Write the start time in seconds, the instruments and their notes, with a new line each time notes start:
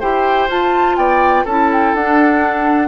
0.00 bassoon E4, clarinet G4, oboe C5, flute G5
0.48 bassoon F4, clarinet F4, flute A5
0.96 bassoon B3, oboe D5, flute G5
1.45 bassoon C#4, clarinet E4, oboe A4, flute A5
1.72 flute G5
1.94 bassoon D4, clarinet D4, flute F#5